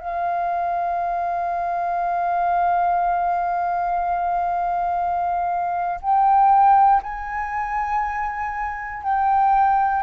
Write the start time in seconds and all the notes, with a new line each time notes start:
0.00 F5
6.01 G5
7.02 G#5
9.02 G5